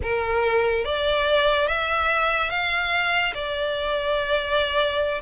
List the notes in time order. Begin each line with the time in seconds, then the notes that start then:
0.02 A#4
0.84 D5
1.67 E5
2.50 F5
3.33 D5